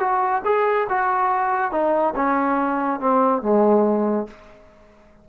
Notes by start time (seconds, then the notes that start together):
0.00 F#4
0.45 G#4
0.90 F#4
1.72 D#4
2.16 C#4
3.01 C4
3.43 G#3